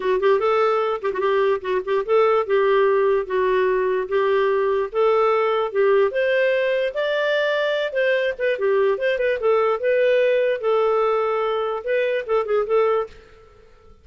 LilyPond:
\new Staff \with { instrumentName = "clarinet" } { \time 4/4 \tempo 4 = 147 fis'8 g'8 a'4. g'16 fis'16 g'4 | fis'8 g'8 a'4 g'2 | fis'2 g'2 | a'2 g'4 c''4~ |
c''4 d''2~ d''8 c''8~ | c''8 b'8 g'4 c''8 b'8 a'4 | b'2 a'2~ | a'4 b'4 a'8 gis'8 a'4 | }